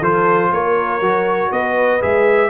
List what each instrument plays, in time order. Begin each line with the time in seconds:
0.00 tuba F3, trombone F4, horn A4, trumpet C5
0.52 tuba A#3, horn A#4, trumpet C#5
1.01 tuba F#3, trombone F#4
1.52 tuba B3, horn B4, trumpet D#5
2.01 tuba G#3, trombone G#4, trumpet E5